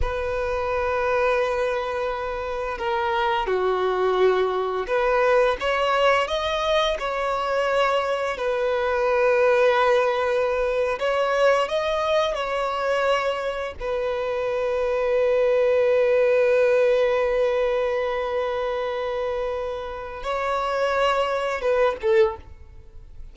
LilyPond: \new Staff \with { instrumentName = "violin" } { \time 4/4 \tempo 4 = 86 b'1 | ais'4 fis'2 b'4 | cis''4 dis''4 cis''2 | b'2.~ b'8. cis''16~ |
cis''8. dis''4 cis''2 b'16~ | b'1~ | b'1~ | b'4 cis''2 b'8 a'8 | }